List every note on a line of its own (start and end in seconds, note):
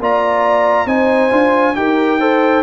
0.00 0.86 A#3
0.00 0.87 F4
0.00 0.86 D5
0.00 0.88 A#5
0.86 1.31 C4
0.86 1.31 D#4
0.86 1.74 C5
0.86 1.76 G#5
1.31 1.76 D4
1.31 1.75 F4
1.75 2.63 D#4
1.75 2.19 G4
1.75 2.20 A#4
1.75 2.63 G5
2.20 2.63 A4
2.20 2.63 C5